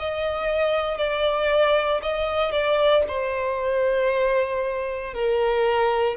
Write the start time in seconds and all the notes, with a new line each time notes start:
0.00 D#5
0.98 D5
2.03 D#5
2.52 D5
3.08 C5
5.14 A#4